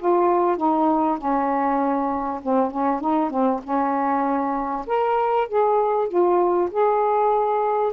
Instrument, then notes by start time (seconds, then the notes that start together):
saxophone
0.00 F4
0.58 D#4
1.19 C#4
2.43 C4
2.71 C#4
3.01 D#4
3.31 C4
3.64 C#4
4.87 A#4
5.48 G#4
6.09 F4
6.72 G#4